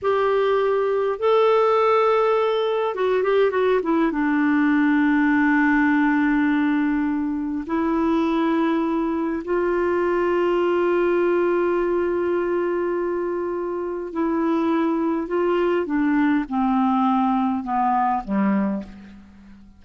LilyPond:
\new Staff \with { instrumentName = "clarinet" } { \time 4/4 \tempo 4 = 102 g'2 a'2~ | a'4 fis'8 g'8 fis'8 e'8 d'4~ | d'1~ | d'4 e'2. |
f'1~ | f'1 | e'2 f'4 d'4 | c'2 b4 g4 | }